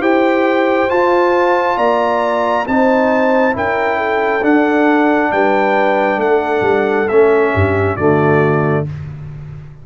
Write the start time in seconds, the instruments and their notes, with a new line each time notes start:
0.00 tuba E4, trombone G4, horn C5, trumpet G5
0.89 trombone F4, tuba F4, trumpet A5
1.78 tuba A#3, horn D5, trumpet A#5
2.68 tuba C4, trombone D#4, horn C5, trumpet A5
3.53 tuba C#4, trombone E4, horn A#4, trumpet G5
3.97 horn A4
4.42 trombone D4, tuba D4, trumpet F#5
5.32 tuba G3, horn B4, trumpet G5
6.17 tuba A3, horn A4, trumpet F#5
6.62 tuba G3
7.08 tuba A3, trombone C#4, trumpet E5
7.54 tuba G2, horn G4
7.96 tuba D3, trombone A3, horn F#4, trumpet D5